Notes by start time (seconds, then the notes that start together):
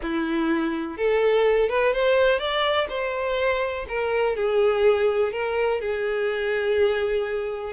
0.02 E4
0.97 A4
1.69 B4
1.93 C5
2.39 D5
2.89 C5
3.88 A#4
4.36 G#4
5.32 A#4
5.80 G#4